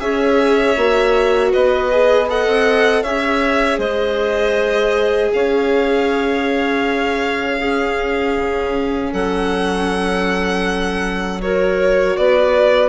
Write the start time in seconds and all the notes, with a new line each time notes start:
0.00 C#4 G#4 C#5 E5
0.77 A#3 F#4
1.51 B3 B4 D#5
1.91 G#4
2.28 A4 D#5 F#5
2.47 C4
3.03 C#4 G#4 C#5 E5
3.78 G#3 C5 D#5
5.33 C#4 C#5 F5
7.59 C#4 G#4
8.37 C#3
9.12 F#3 A4 F#5
11.41 F#4 A#4 C#5
12.17 B3 B4 D5